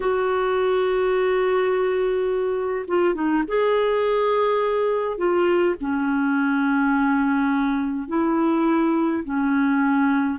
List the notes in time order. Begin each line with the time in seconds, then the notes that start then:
0.00 F#4
2.87 F4
3.14 D#4
3.47 G#4
5.17 F4
5.80 C#4
8.08 E4
9.24 C#4